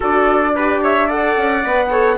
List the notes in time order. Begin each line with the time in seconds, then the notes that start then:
0.00 D4 F#4 A4 D5
0.55 G4 B4
0.82 C#5 E5
1.07 A4 D5 F#5
1.36 C#4
1.64 B3 B4
1.90 A4 C#5